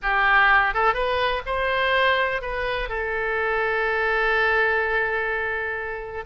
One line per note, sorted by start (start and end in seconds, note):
0.02 0.74 G4
0.74 0.94 A4
0.94 1.42 B4
1.46 2.41 C5
2.41 2.88 B4
2.88 6.24 A4